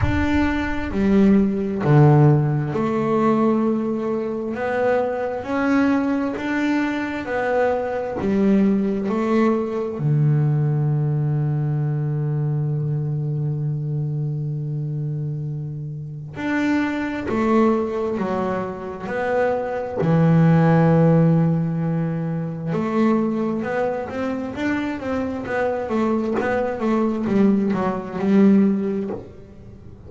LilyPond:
\new Staff \with { instrumentName = "double bass" } { \time 4/4 \tempo 4 = 66 d'4 g4 d4 a4~ | a4 b4 cis'4 d'4 | b4 g4 a4 d4~ | d1~ |
d2 d'4 a4 | fis4 b4 e2~ | e4 a4 b8 c'8 d'8 c'8 | b8 a8 b8 a8 g8 fis8 g4 | }